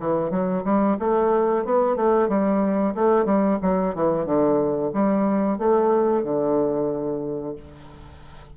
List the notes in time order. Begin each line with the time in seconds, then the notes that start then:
0.00 E3
0.31 F#3
0.64 G3
0.99 A3
1.65 B3
1.96 A3
2.29 G3
2.95 A3
3.25 G3
3.62 F#3
3.95 E3
4.26 D3
4.93 G3
5.58 A3
6.24 D3